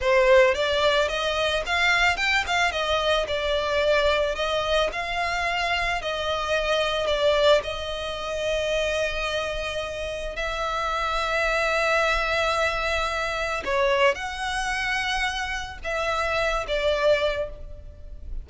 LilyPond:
\new Staff \with { instrumentName = "violin" } { \time 4/4 \tempo 4 = 110 c''4 d''4 dis''4 f''4 | g''8 f''8 dis''4 d''2 | dis''4 f''2 dis''4~ | dis''4 d''4 dis''2~ |
dis''2. e''4~ | e''1~ | e''4 cis''4 fis''2~ | fis''4 e''4. d''4. | }